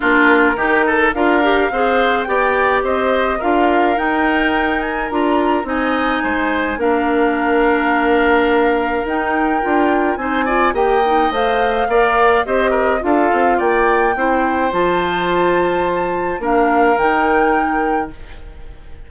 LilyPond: <<
  \new Staff \with { instrumentName = "flute" } { \time 4/4 \tempo 4 = 106 ais'2 f''2 | g''4 dis''4 f''4 g''4~ | g''8 gis''8 ais''4 gis''2 | f''1 |
g''2 gis''4 g''4 | f''2 dis''4 f''4 | g''2 a''2~ | a''4 f''4 g''2 | }
  \new Staff \with { instrumentName = "oboe" } { \time 4/4 f'4 g'8 a'8 ais'4 c''4 | d''4 c''4 ais'2~ | ais'2 dis''4 c''4 | ais'1~ |
ais'2 c''8 d''8 dis''4~ | dis''4 d''4 c''8 ais'8 a'4 | d''4 c''2.~ | c''4 ais'2. | }
  \new Staff \with { instrumentName = "clarinet" } { \time 4/4 d'4 dis'4 f'8 g'8 gis'4 | g'2 f'4 dis'4~ | dis'4 f'4 dis'2 | d'1 |
dis'4 f'4 dis'8 f'8 g'8 dis'8 | c''4 ais'4 g'4 f'4~ | f'4 e'4 f'2~ | f'4 d'4 dis'2 | }
  \new Staff \with { instrumentName = "bassoon" } { \time 4/4 ais4 dis4 d'4 c'4 | b4 c'4 d'4 dis'4~ | dis'4 d'4 c'4 gis4 | ais1 |
dis'4 d'4 c'4 ais4 | a4 ais4 c'4 d'8 c'8 | ais4 c'4 f2~ | f4 ais4 dis2 | }
>>